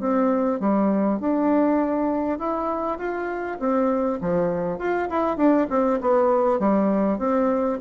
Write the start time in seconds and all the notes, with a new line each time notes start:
0.00 C4
0.60 G3
1.20 D4
2.39 E4
2.98 F4
3.60 C4
4.21 F3
4.79 F4
5.10 E4
5.38 D4
5.70 C4
6.01 B3
6.60 G3
7.19 C4